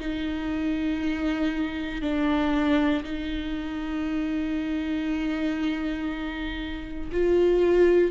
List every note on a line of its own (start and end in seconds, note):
0.00 2.02 D#4
2.02 3.04 D4
3.04 7.11 D#4
7.12 8.12 F4